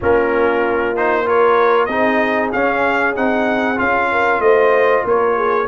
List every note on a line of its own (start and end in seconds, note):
0.00 1.87 A#3
0.00 0.95 C#4
0.00 1.24 F4
0.00 0.96 A#4
0.96 1.25 D#4
0.96 1.27 C5
1.25 1.88 F4
1.25 1.88 A#4
1.25 1.85 C#5
1.85 2.51 C4
1.85 2.53 D#4
1.85 4.09 G#4
1.85 2.49 D#5
2.52 3.16 C#4
2.52 3.15 F5
3.16 3.79 C4
3.16 3.76 D#4
3.16 3.78 F#5
3.76 4.39 C#4
3.76 5.65 F4
3.76 4.41 F5
4.11 4.42 A#4
4.39 5.02 A3
4.39 5.05 C5
4.39 5.04 D#5
5.04 5.67 A#3
5.04 5.36 A#4
5.04 5.67 C#5
5.36 5.67 G#4